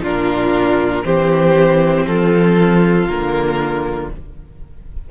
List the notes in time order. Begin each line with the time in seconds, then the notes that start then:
0.00 A#2 D4 F4 A#4
1.04 E3 C4 G4 C5
2.06 F3 F4 A4
3.07 D3 A#3 A#4